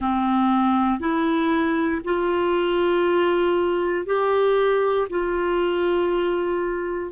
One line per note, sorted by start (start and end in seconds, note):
0.00 0.99 C4
0.99 2.01 E4
2.04 4.05 F4
4.05 5.07 G4
5.09 7.11 F4